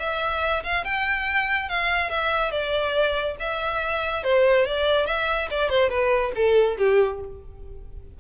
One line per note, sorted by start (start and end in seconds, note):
0.00 0.63 E5
0.64 0.85 F5
0.85 1.69 G5
1.69 2.10 F5
2.10 2.52 E5
2.52 3.36 D5
3.40 4.24 E5
4.24 4.66 C5
4.66 5.06 D5
5.06 5.49 E5
5.51 5.70 D5
5.70 5.90 C5
5.90 6.32 B4
6.35 6.78 A4
6.78 7.20 G4